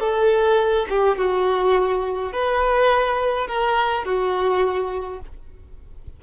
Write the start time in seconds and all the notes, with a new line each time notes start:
0.00 A4
0.90 G4
1.18 F#4
2.33 B4
3.48 A#4
4.05 F#4